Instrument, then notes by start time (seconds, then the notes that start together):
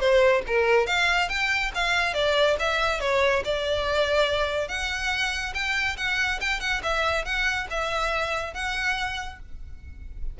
violin
0.00 C5
0.47 A#4
0.87 F5
1.29 G5
1.75 F5
2.14 D5
2.60 E5
3.00 C#5
3.45 D5
4.68 F#5
5.54 G5
5.97 F#5
6.41 G5
6.60 F#5
6.83 E5
7.25 F#5
7.70 E5
8.54 F#5